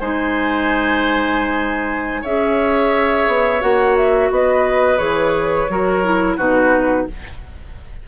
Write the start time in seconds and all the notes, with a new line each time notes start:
0.00 G#3 D#4 C5 G#5
2.22 C#4 G#4 C#5 E5
3.27 B3
3.61 A#3 F#4 F#5
3.97 E5
4.30 B3 B4 D#5
4.98 E3 G#4 C#5
5.69 F#3 F#4 A#4
6.04 E4
6.37 B2 D#4 F#4 B4